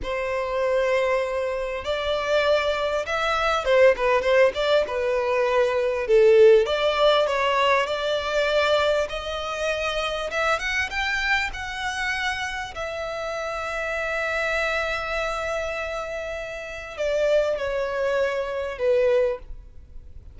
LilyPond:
\new Staff \with { instrumentName = "violin" } { \time 4/4 \tempo 4 = 99 c''2. d''4~ | d''4 e''4 c''8 b'8 c''8 d''8 | b'2 a'4 d''4 | cis''4 d''2 dis''4~ |
dis''4 e''8 fis''8 g''4 fis''4~ | fis''4 e''2.~ | e''1 | d''4 cis''2 b'4 | }